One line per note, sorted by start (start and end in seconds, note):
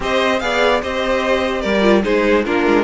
0.00 0.41 C4
0.00 0.39 G4
0.00 0.42 C5
0.00 0.39 D#5
0.39 0.82 B3
0.39 0.82 G#4
0.39 0.82 D5
0.39 0.80 F5
0.82 1.64 C4
0.82 1.81 G4
0.82 1.61 C5
0.82 1.61 D#5
1.61 2.05 G3
1.61 2.02 A#4
1.61 2.01 D5
1.81 2.01 F4
2.03 2.46 G#3
2.03 2.44 D#4
2.03 2.44 G#4
2.03 2.44 C5
2.44 2.66 A#3
2.44 2.84 D4
2.44 2.84 F4
2.44 2.84 A#4
2.66 2.84 G#3